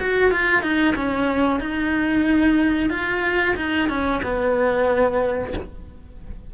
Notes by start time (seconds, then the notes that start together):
0.00 F#4
0.31 F4
0.63 D#4
0.96 C#4
1.60 D#4
2.91 F4
3.57 D#4
3.90 C#4
4.24 B3